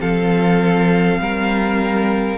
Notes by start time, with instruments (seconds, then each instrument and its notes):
0.00 cello F3, viola C4, violin A4 F5
1.19 cello G3, violin A#4